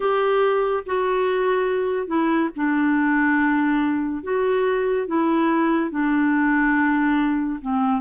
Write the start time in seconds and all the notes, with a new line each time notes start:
0.00 G4
0.86 F#4
2.07 E4
2.56 D4
4.23 F#4
5.07 E4
5.90 D4
7.61 C4